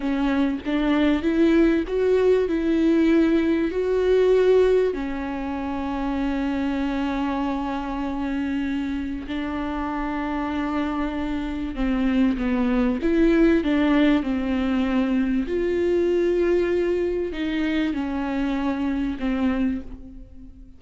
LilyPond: \new Staff \with { instrumentName = "viola" } { \time 4/4 \tempo 4 = 97 cis'4 d'4 e'4 fis'4 | e'2 fis'2 | cis'1~ | cis'2. d'4~ |
d'2. c'4 | b4 e'4 d'4 c'4~ | c'4 f'2. | dis'4 cis'2 c'4 | }